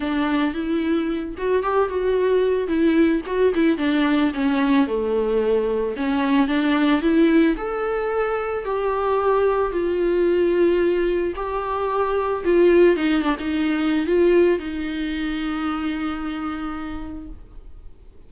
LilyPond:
\new Staff \with { instrumentName = "viola" } { \time 4/4 \tempo 4 = 111 d'4 e'4. fis'8 g'8 fis'8~ | fis'4 e'4 fis'8 e'8 d'4 | cis'4 a2 cis'4 | d'4 e'4 a'2 |
g'2 f'2~ | f'4 g'2 f'4 | dis'8 d'16 dis'4~ dis'16 f'4 dis'4~ | dis'1 | }